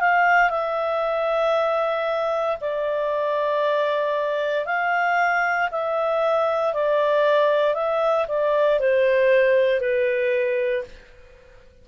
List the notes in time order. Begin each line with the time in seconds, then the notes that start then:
0.00 F5
0.50 E5
2.61 D5
4.66 F5
5.71 E5
6.73 D5
7.74 E5
8.28 D5
8.80 C5
9.80 B4